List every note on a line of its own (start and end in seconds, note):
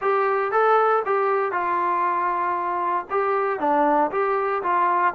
0.01 0.51 G4
0.51 1.03 A4
1.05 1.52 G4
1.52 3.06 F4
3.10 3.59 G4
3.59 4.10 D4
4.11 4.62 G4
4.62 5.14 F4